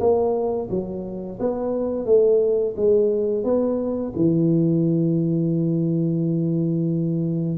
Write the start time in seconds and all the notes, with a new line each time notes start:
0.00 A#3
0.70 F#3
1.40 B3
2.06 A3
2.77 G#3
3.44 B3
4.16 E3